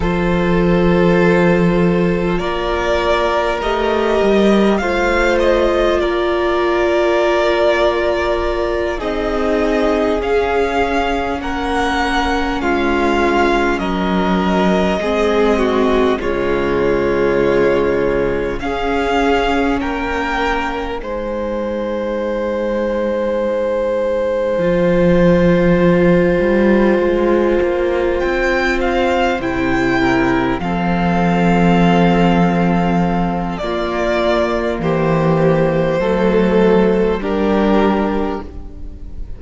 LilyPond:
<<
  \new Staff \with { instrumentName = "violin" } { \time 4/4 \tempo 4 = 50 c''2 d''4 dis''4 | f''8 dis''8 d''2~ d''8 dis''8~ | dis''8 f''4 fis''4 f''4 dis''8~ | dis''4. cis''2 f''8~ |
f''8 g''4 gis''2~ gis''8~ | gis''2.~ gis''8 g''8 | f''8 g''4 f''2~ f''8 | d''4 c''2 ais'4 | }
  \new Staff \with { instrumentName = "violin" } { \time 4/4 a'2 ais'2 | c''4 ais'2~ ais'8 gis'8~ | gis'4. ais'4 f'4 ais'8~ | ais'8 gis'8 fis'8 f'2 gis'8~ |
gis'8 ais'4 c''2~ c''8~ | c''1~ | c''4 ais'8 a'2~ a'8 | f'4 g'4 a'4 g'4 | }
  \new Staff \with { instrumentName = "viola" } { \time 4/4 f'2. g'4 | f'2.~ f'8 dis'8~ | dis'8 cis'2.~ cis'8~ | cis'8 c'4 gis2 cis'8~ |
cis'4. dis'2~ dis'8~ | dis'8 f'2.~ f'8~ | f'8 e'4 c'2~ c'8 | ais2 a4 d'4 | }
  \new Staff \with { instrumentName = "cello" } { \time 4/4 f2 ais4 a8 g8 | a4 ais2~ ais8 c'8~ | c'8 cis'4 ais4 gis4 fis8~ | fis8 gis4 cis2 cis'8~ |
cis'8 ais4 gis2~ gis8~ | gis8 f4. g8 gis8 ais8 c'8~ | c'8 c4 f2~ f8 | ais4 e4 fis4 g4 | }
>>